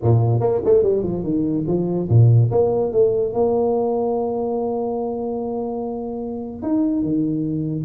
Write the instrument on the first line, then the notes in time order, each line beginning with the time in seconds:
tuba
0.02 A#2
0.40 A#3
0.64 A3
0.82 G3
1.03 F3
1.23 D#3
1.67 F3
2.09 A#2
2.51 A#3
2.92 A3
3.33 A#3
6.62 D#4
7.03 D#3